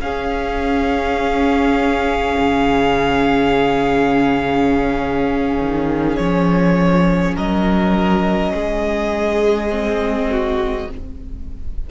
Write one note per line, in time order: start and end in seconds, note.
0.00 2.35 C#4
0.00 9.68 C#4
0.00 7.35 G#4
0.00 6.16 F5
2.39 5.58 C#3
5.58 6.17 D#3
6.16 7.36 F3
6.16 7.34 C#5
7.35 8.52 F#3
7.35 8.52 A#4
7.35 10.90 D#5
8.52 10.87 G#3
8.52 10.30 G#4
9.68 10.86 C4
10.30 10.89 F#4